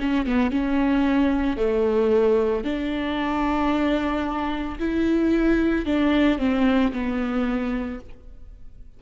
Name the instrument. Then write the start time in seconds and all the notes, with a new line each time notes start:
viola
0.00 C#4
0.26 B3
0.51 C#4
1.57 A3
2.64 D4
4.80 E4
5.86 D4
6.38 C4
6.93 B3